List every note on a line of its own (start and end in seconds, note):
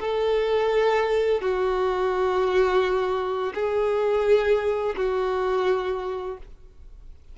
0.00 1.41 A4
1.41 3.53 F#4
3.55 4.96 G#4
4.96 6.38 F#4